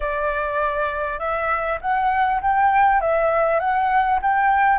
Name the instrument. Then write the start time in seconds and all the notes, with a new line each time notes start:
flute
0.00 D5
1.19 E5
1.81 F#5
2.41 G5
3.00 E5
3.59 F#5
4.22 G5